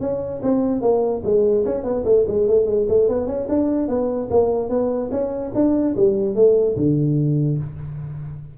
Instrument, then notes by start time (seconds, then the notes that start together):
tuba
0.00 C#4
0.42 C4
0.81 A#3
1.24 G#3
1.65 C#4
1.83 B3
2.05 A3
2.27 G#3
2.47 A3
2.66 G#3
2.88 A3
3.08 B3
3.27 C#4
3.48 D4
3.88 B3
4.30 A#3
4.69 B3
5.11 C#4
5.54 D4
5.96 G3
6.35 A3
6.76 D3